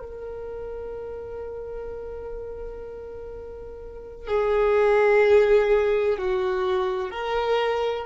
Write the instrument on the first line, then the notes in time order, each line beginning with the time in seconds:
violin
0.00 A#4
4.27 G#4
6.18 F#4
7.11 A#4